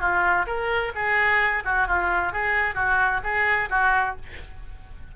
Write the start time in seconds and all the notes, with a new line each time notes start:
0.00 F4
0.46 A#4
0.95 G#4
1.65 F#4
1.87 F4
2.33 G#4
2.75 F#4
3.23 G#4
3.70 F#4